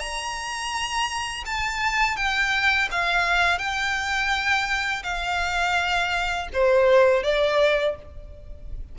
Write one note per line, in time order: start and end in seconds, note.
0.00 1.45 A#5
1.46 2.17 A5
2.17 2.89 G5
2.92 3.59 F5
3.59 5.03 G5
5.04 6.48 F5
6.54 7.24 C5
7.24 7.96 D5